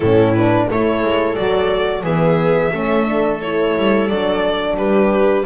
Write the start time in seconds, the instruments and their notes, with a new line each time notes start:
0.00 double bass A2, horn C#4, viola E4, violin A4
0.34 horn D4, violin B4
0.70 double bass A3, horn E4, viola A4, violin C#5
1.03 double bass G#3
1.35 double bass F#3, horn F#4, violin D5
2.03 double bass E3, horn B3, viola G#4, violin E5
2.72 double bass A3, horn C#4, viola A4
3.06 horn D4
3.41 horn E4, violin C#5
3.77 double bass G3
4.07 double bass F#3, horn D4, violin D5
4.76 double bass G3, viola G4, violin B4